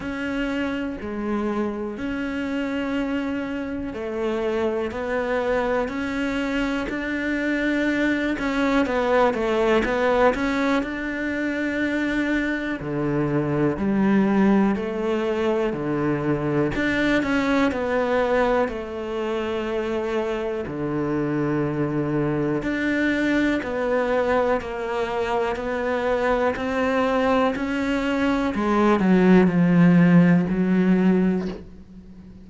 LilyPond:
\new Staff \with { instrumentName = "cello" } { \time 4/4 \tempo 4 = 61 cis'4 gis4 cis'2 | a4 b4 cis'4 d'4~ | d'8 cis'8 b8 a8 b8 cis'8 d'4~ | d'4 d4 g4 a4 |
d4 d'8 cis'8 b4 a4~ | a4 d2 d'4 | b4 ais4 b4 c'4 | cis'4 gis8 fis8 f4 fis4 | }